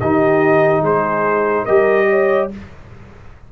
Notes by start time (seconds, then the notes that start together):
0.00 D#3 D#4 G4 D#5
0.81 G#3 G#4 C5
1.64 G3 G4 A#4 D#5
2.09 C#5